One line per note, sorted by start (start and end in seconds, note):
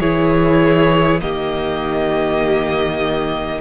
0.00 1.21 E3
0.00 1.21 E4
0.00 1.20 G#4
0.00 1.20 C#5
1.21 3.60 D#3
1.21 3.60 A#3
1.21 3.60 G4
1.21 3.60 D#5